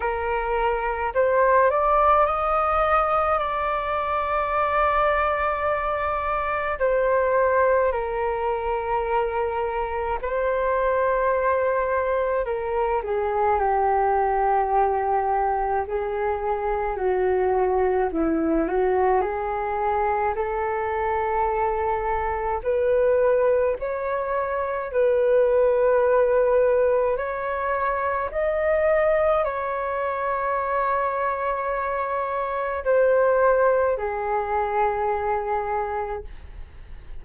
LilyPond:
\new Staff \with { instrumentName = "flute" } { \time 4/4 \tempo 4 = 53 ais'4 c''8 d''8 dis''4 d''4~ | d''2 c''4 ais'4~ | ais'4 c''2 ais'8 gis'8 | g'2 gis'4 fis'4 |
e'8 fis'8 gis'4 a'2 | b'4 cis''4 b'2 | cis''4 dis''4 cis''2~ | cis''4 c''4 gis'2 | }